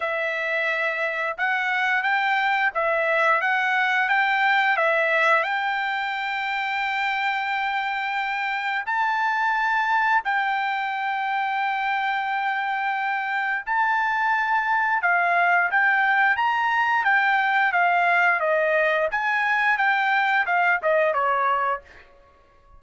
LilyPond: \new Staff \with { instrumentName = "trumpet" } { \time 4/4 \tempo 4 = 88 e''2 fis''4 g''4 | e''4 fis''4 g''4 e''4 | g''1~ | g''4 a''2 g''4~ |
g''1 | a''2 f''4 g''4 | ais''4 g''4 f''4 dis''4 | gis''4 g''4 f''8 dis''8 cis''4 | }